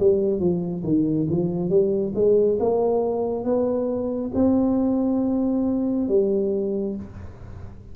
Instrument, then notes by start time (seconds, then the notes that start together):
tuba
0.00 G3
0.40 F3
0.84 D#3
1.30 F3
1.70 G3
2.15 G#3
2.60 A#3
3.45 B3
4.35 C4
6.09 G3